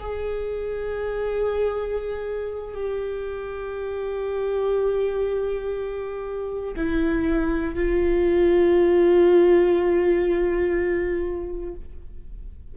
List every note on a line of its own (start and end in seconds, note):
0.00 2.75 G#4
2.75 6.75 G4
6.76 7.75 E4
7.75 11.75 F4